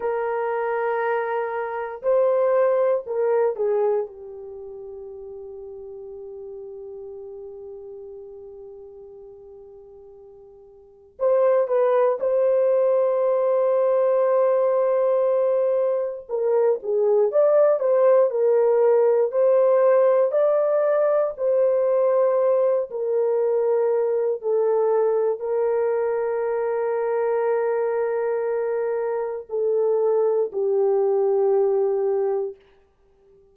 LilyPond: \new Staff \with { instrumentName = "horn" } { \time 4/4 \tempo 4 = 59 ais'2 c''4 ais'8 gis'8 | g'1~ | g'2. c''8 b'8 | c''1 |
ais'8 gis'8 d''8 c''8 ais'4 c''4 | d''4 c''4. ais'4. | a'4 ais'2.~ | ais'4 a'4 g'2 | }